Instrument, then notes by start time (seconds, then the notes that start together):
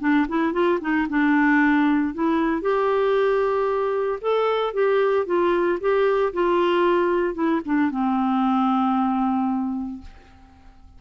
clarinet
0.00 D4
0.28 E4
0.53 F4
0.81 D#4
1.09 D4
2.14 E4
2.61 G4
4.21 A4
4.73 G4
5.26 F4
5.80 G4
6.33 F4
7.34 E4
7.65 D4
7.90 C4